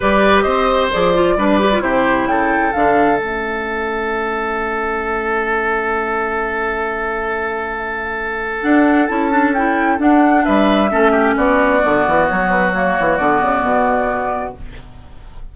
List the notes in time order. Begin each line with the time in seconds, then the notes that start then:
0.00 G3 G4 B4 D5
0.41 C4 C5 D#5
0.92 F3 G#4 D5
1.14 F4
1.36 G3 D4 B4
1.60 G4
1.72 F4
1.80 C3 E4 G4 C5
2.25 C#3 A4 G5
2.72 D3 D4 F5
3.17 A3 C#4 E5
8.62 D4 F#5
9.06 C#4 E4 A5
9.31 D4
9.53 E4 G5
9.98 D4 F#5
10.44 G3 B4 E5
10.90 A3 C#4 A4
11.11 G4
11.36 B3 F#4 D5
11.81 D3 B3
12.07 E3
12.28 F#3 C#5
12.50 B4
12.72 A#3 C#5
12.99 E3
13.16 D3 B3 D5
13.41 C#3
13.62 B2